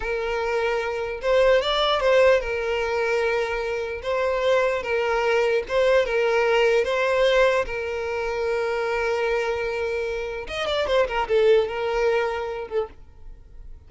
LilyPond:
\new Staff \with { instrumentName = "violin" } { \time 4/4 \tempo 4 = 149 ais'2. c''4 | d''4 c''4 ais'2~ | ais'2 c''2 | ais'2 c''4 ais'4~ |
ais'4 c''2 ais'4~ | ais'1~ | ais'2 dis''8 d''8 c''8 ais'8 | a'4 ais'2~ ais'8 a'8 | }